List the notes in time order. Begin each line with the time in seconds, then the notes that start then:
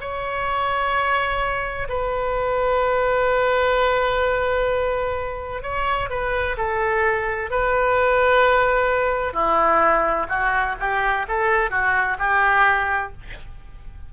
0.00 C#5
1.89 B4
5.62 C#5
6.09 B4
6.57 A4
7.50 B4
9.33 E4
10.29 F#4
10.79 G4
11.28 A4
11.70 F#4
12.18 G4